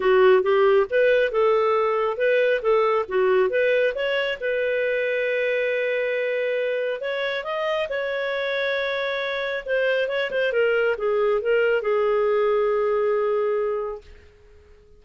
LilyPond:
\new Staff \with { instrumentName = "clarinet" } { \time 4/4 \tempo 4 = 137 fis'4 g'4 b'4 a'4~ | a'4 b'4 a'4 fis'4 | b'4 cis''4 b'2~ | b'1 |
cis''4 dis''4 cis''2~ | cis''2 c''4 cis''8 c''8 | ais'4 gis'4 ais'4 gis'4~ | gis'1 | }